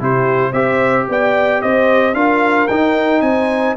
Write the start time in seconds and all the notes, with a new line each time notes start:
0.00 C3 E4 G4 C5
0.51 C4 G4 C5 E5
1.09 B3 D5 G5
1.62 C4 C5 D#5
2.14 D4 F4 A#4 F5
2.68 D#4 G5
3.21 C4 C5 G#5